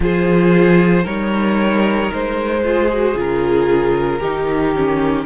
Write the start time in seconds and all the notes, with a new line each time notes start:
0.00 F3 F4 G#4 C5
1.03 G3 D#4 A#4 C#5
2.12 G#3 C5
2.63 F4 G#4
2.92 F#4
3.14 C#3 F4 A#4
4.19 D#3 D#4 G4
4.75 C#4